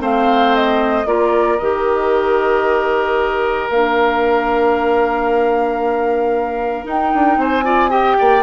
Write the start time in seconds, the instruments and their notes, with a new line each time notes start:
0.00 bassoon A3, clarinet C4, oboe C5, flute F5
0.55 flute D#5
1.05 bassoon A#3, clarinet F4, oboe A#4, flute D5
1.58 bassoon D#3, clarinet G4, flute D#5
3.69 bassoon A#3, clarinet D4, flute F5
6.83 clarinet D#4, bassoon D#4, flute G5
7.14 bassoon D4
7.36 bassoon C4, oboe C5, flute G#5
7.64 clarinet F4, oboe D5
7.89 clarinet G4, oboe D#5, flute G5
8.18 bassoon A#3, oboe D5